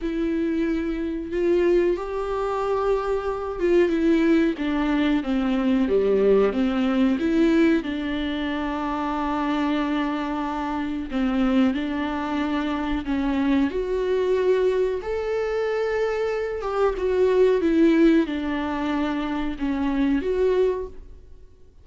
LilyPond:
\new Staff \with { instrumentName = "viola" } { \time 4/4 \tempo 4 = 92 e'2 f'4 g'4~ | g'4. f'8 e'4 d'4 | c'4 g4 c'4 e'4 | d'1~ |
d'4 c'4 d'2 | cis'4 fis'2 a'4~ | a'4. g'8 fis'4 e'4 | d'2 cis'4 fis'4 | }